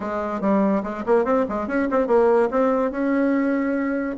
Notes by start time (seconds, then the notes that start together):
0.00 G#3
0.40 G3
0.83 G#3
1.06 A#3
1.24 C4
1.48 G#3
1.67 C#4
1.90 C4
2.07 A#3
2.50 C4
2.91 C#4